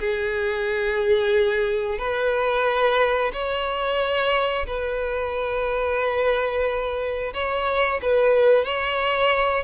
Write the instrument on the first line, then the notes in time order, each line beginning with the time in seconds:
violin
0.00 G#4
1.98 B4
3.33 C#5
4.66 B4
7.34 C#5
8.02 B4
8.65 C#5